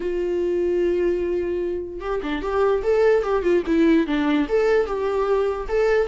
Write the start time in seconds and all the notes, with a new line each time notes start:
0.00 F4
2.00 G4
2.23 D4
2.42 G4
2.83 A4
3.23 G4
3.43 F4
3.66 E4
4.07 D4
4.48 A4
4.86 G4
5.68 A4